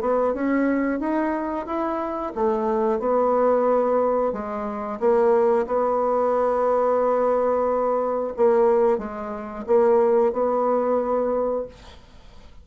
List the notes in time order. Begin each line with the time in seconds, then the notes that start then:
0.00 B3
0.33 C#4
0.99 D#4
1.66 E4
2.35 A3
2.99 B3
4.32 G#3
4.99 A#3
5.66 B3
8.36 A#3
8.98 G#3
9.66 A#3
10.32 B3